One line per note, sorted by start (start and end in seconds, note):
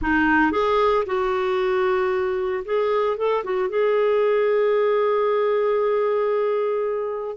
0.01 0.51 D#4
0.51 1.04 G#4
1.06 2.64 F#4
2.64 3.17 G#4
3.17 3.43 A4
3.44 3.69 F#4
3.69 7.36 G#4